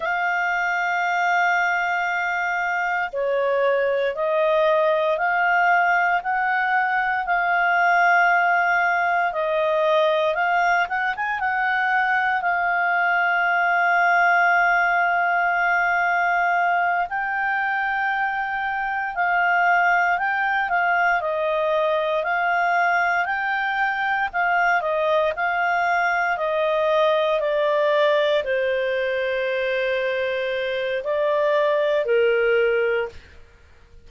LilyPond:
\new Staff \with { instrumentName = "clarinet" } { \time 4/4 \tempo 4 = 58 f''2. cis''4 | dis''4 f''4 fis''4 f''4~ | f''4 dis''4 f''8 fis''16 gis''16 fis''4 | f''1~ |
f''8 g''2 f''4 g''8 | f''8 dis''4 f''4 g''4 f''8 | dis''8 f''4 dis''4 d''4 c''8~ | c''2 d''4 ais'4 | }